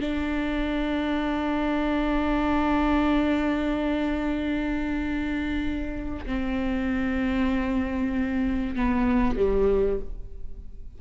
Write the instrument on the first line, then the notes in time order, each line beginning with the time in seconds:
viola
0.00 D4
6.26 C4
8.75 B3
9.36 G3